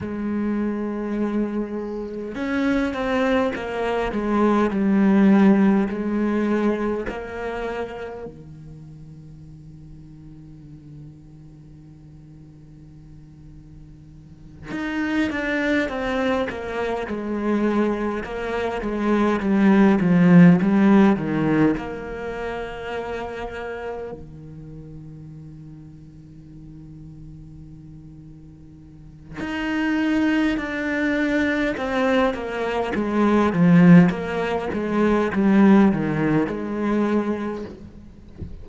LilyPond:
\new Staff \with { instrumentName = "cello" } { \time 4/4 \tempo 4 = 51 gis2 cis'8 c'8 ais8 gis8 | g4 gis4 ais4 dis4~ | dis1~ | dis8 dis'8 d'8 c'8 ais8 gis4 ais8 |
gis8 g8 f8 g8 dis8 ais4.~ | ais8 dis2.~ dis8~ | dis4 dis'4 d'4 c'8 ais8 | gis8 f8 ais8 gis8 g8 dis8 gis4 | }